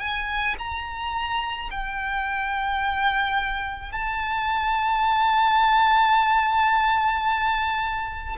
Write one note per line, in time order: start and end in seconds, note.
0.00 0.56 G#5
0.59 1.70 A#5
1.71 3.92 G5
3.92 8.37 A5